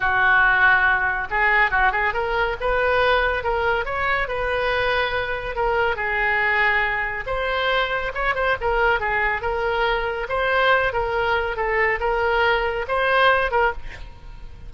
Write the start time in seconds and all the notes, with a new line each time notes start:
0.00 F#4
1.30 G#4
1.70 F#4
1.92 G#4
2.13 A#4
2.60 B4
3.43 A#4
3.85 C#5
4.27 B4
5.55 A#4
5.96 G#4
7.26 C5
8.14 C#5
8.35 C5
8.60 A#4
8.99 G#4
9.41 A#4
10.28 C5
10.92 A#4
11.56 A4
12.00 A#4
12.88 C5
13.51 A#4